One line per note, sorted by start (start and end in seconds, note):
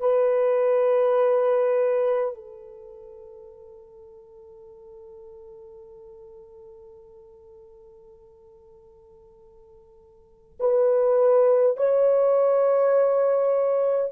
0.00 2.35 B4
2.35 10.58 A4
10.59 11.76 B4
11.76 14.12 C#5